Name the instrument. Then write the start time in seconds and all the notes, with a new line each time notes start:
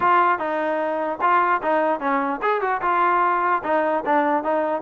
trombone
0.00 F4
0.38 D#4
1.21 F4
1.62 D#4
2.00 C#4
2.42 G#4
2.61 F#4
2.81 F4
3.63 D#4
4.05 D4
4.43 D#4